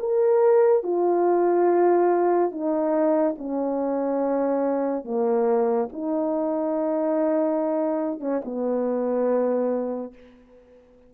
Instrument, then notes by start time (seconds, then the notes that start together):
horn
0.00 A#4
0.83 F4
2.52 D#4
3.38 C#4
5.05 A#3
5.93 D#4
8.20 C#4
8.45 B3